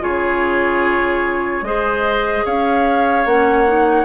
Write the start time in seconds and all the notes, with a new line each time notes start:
0.00 C#3 F4 G#4 C#5
1.61 G#3 G#4 C5 D#5
2.45 C#4 C#5 F5
3.25 A#3 C#4 F#5
3.67 D#4